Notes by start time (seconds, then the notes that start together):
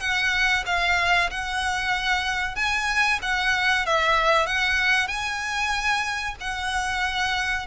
0.00 F#5
0.66 F5
1.31 F#5
2.56 G#5
3.22 F#5
3.86 E5
4.46 F#5
5.08 G#5
6.41 F#5